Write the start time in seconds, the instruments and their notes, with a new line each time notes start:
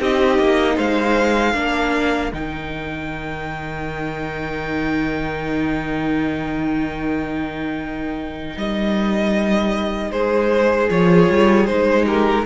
0.00 cello C4, viola D#4, violin G4 D#5
0.39 cello A#3
0.76 cello G#3, violin C5 F5
1.54 cello A#3, viola D4, violin A#4
2.33 cello D#3, viola D#4, violin G5
8.57 cello G3, violin D#5
10.11 cello G#3, violin G#4 C5
10.90 cello F3, viola F4, violin C#5
11.30 cello G3
11.66 cello G#3, viola D#4, violin C5
12.05 violin G4 A#4